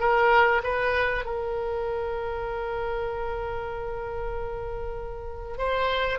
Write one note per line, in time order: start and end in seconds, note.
0.00 0.62 A#4
0.63 1.25 B4
1.25 5.58 A#4
5.58 6.19 C5